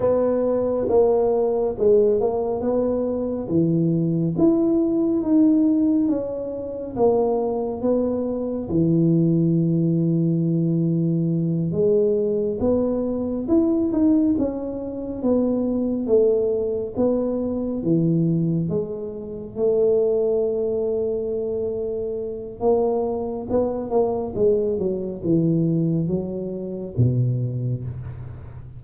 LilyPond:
\new Staff \with { instrumentName = "tuba" } { \time 4/4 \tempo 4 = 69 b4 ais4 gis8 ais8 b4 | e4 e'4 dis'4 cis'4 | ais4 b4 e2~ | e4. gis4 b4 e'8 |
dis'8 cis'4 b4 a4 b8~ | b8 e4 gis4 a4.~ | a2 ais4 b8 ais8 | gis8 fis8 e4 fis4 b,4 | }